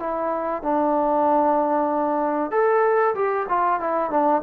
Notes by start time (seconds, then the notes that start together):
0.00 E4
0.63 D4
2.51 A4
3.15 G4
3.49 F4
3.80 E4
4.11 D4